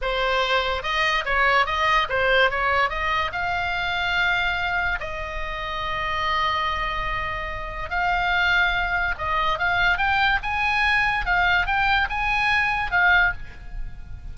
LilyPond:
\new Staff \with { instrumentName = "oboe" } { \time 4/4 \tempo 4 = 144 c''2 dis''4 cis''4 | dis''4 c''4 cis''4 dis''4 | f''1 | dis''1~ |
dis''2. f''4~ | f''2 dis''4 f''4 | g''4 gis''2 f''4 | g''4 gis''2 f''4 | }